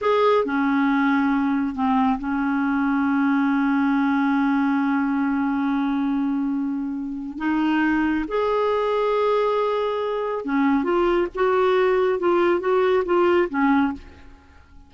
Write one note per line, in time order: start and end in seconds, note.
0.01 0.44 G#4
0.44 1.75 C#4
1.75 2.18 C4
2.18 7.38 C#4
7.38 8.25 D#4
8.27 10.45 G#4
10.45 10.83 C#4
10.83 11.27 F4
11.34 12.19 F#4
12.19 12.60 F4
12.60 13.03 F#4
13.05 13.48 F4
13.49 13.92 C#4